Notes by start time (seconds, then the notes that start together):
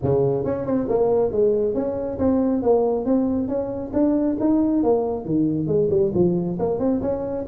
0.02 C#3
0.44 C#4
0.65 C4
0.89 A#3
1.31 G#3
1.74 C#4
2.18 C4
2.62 A#3
3.05 C4
3.47 C#4
3.93 D4
4.40 D#4
4.83 A#3
5.25 D#3
5.67 G#3
5.90 G3
6.14 F3
6.59 A#3
6.79 C4
7.01 C#4